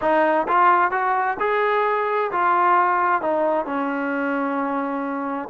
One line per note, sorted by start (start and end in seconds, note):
0.01 0.46 D#4
0.47 0.91 F4
0.91 1.37 F#4
1.39 2.31 G#4
2.31 3.21 F4
3.21 3.65 D#4
3.65 5.48 C#4